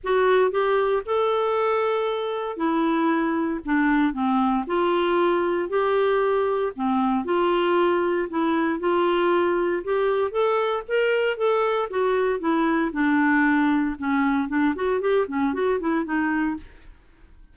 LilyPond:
\new Staff \with { instrumentName = "clarinet" } { \time 4/4 \tempo 4 = 116 fis'4 g'4 a'2~ | a'4 e'2 d'4 | c'4 f'2 g'4~ | g'4 c'4 f'2 |
e'4 f'2 g'4 | a'4 ais'4 a'4 fis'4 | e'4 d'2 cis'4 | d'8 fis'8 g'8 cis'8 fis'8 e'8 dis'4 | }